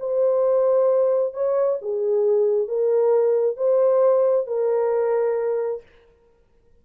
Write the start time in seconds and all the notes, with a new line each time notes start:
0.00 C5
1.34 C#5
1.82 G#4
2.68 A#4
3.57 C5
4.47 A#4